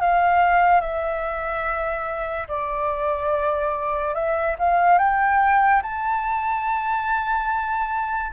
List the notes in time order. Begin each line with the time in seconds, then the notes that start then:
0.00 F5
0.80 E5
2.48 D5
4.14 E5
4.59 F5
4.98 G5
5.82 A5